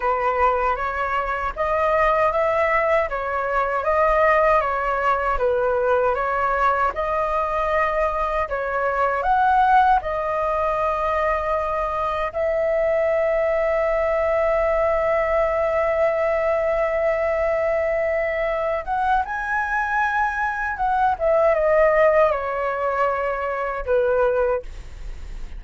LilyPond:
\new Staff \with { instrumentName = "flute" } { \time 4/4 \tempo 4 = 78 b'4 cis''4 dis''4 e''4 | cis''4 dis''4 cis''4 b'4 | cis''4 dis''2 cis''4 | fis''4 dis''2. |
e''1~ | e''1~ | e''8 fis''8 gis''2 fis''8 e''8 | dis''4 cis''2 b'4 | }